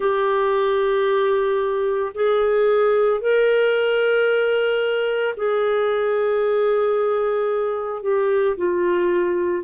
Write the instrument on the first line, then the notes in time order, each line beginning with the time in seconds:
clarinet
0.00 G4
2.14 G#4
3.20 A#4
5.36 G#4
8.02 G4
8.57 F4